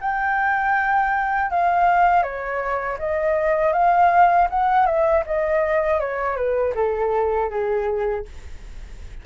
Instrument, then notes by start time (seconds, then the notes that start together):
flute
0.00 G5
1.50 F5
2.22 C#5
2.98 D#5
3.72 F5
4.50 F#5
4.86 E5
5.26 D#5
6.00 C#5
6.36 B4
6.74 A4
7.50 G#4